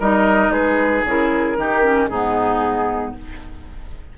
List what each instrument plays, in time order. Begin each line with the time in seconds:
0.00 bassoon G3, clarinet D#4, oboe A#4, flute D#5
0.50 bassoon G#3, oboe G#4, flute B4
1.05 bassoon C#3, clarinet E4, flute A#4
1.57 bassoon D#3, clarinet D#4, oboe G4
1.83 clarinet C#4
2.09 bassoon G#2, clarinet B3, oboe D#4, flute G#4